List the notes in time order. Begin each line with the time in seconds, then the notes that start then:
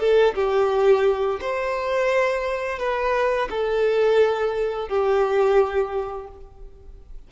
0.00 A4
0.35 G4
1.41 C5
2.79 B4
3.50 A4
4.89 G4